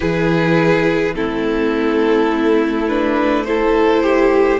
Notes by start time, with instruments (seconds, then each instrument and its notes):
0.00 cello E3, viola E4, violin G#4 B4
1.15 cello A3, viola C4, violin E4 A4
2.87 viola D4, violin B4
3.44 viola E4, violin A4 C5
4.03 violin G4